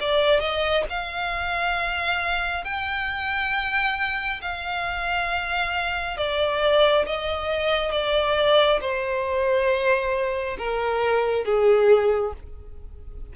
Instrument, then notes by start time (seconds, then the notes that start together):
violin
0.00 D5
0.40 D#5
0.89 F5
2.64 G5
4.42 F5
6.17 D5
7.06 D#5
7.91 D5
8.80 C5
10.58 A#4
11.45 G#4